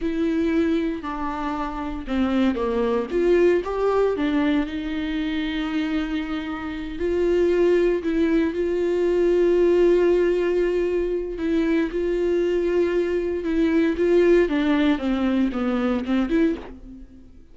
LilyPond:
\new Staff \with { instrumentName = "viola" } { \time 4/4 \tempo 4 = 116 e'2 d'2 | c'4 ais4 f'4 g'4 | d'4 dis'2.~ | dis'4. f'2 e'8~ |
e'8 f'2.~ f'8~ | f'2 e'4 f'4~ | f'2 e'4 f'4 | d'4 c'4 b4 c'8 e'8 | }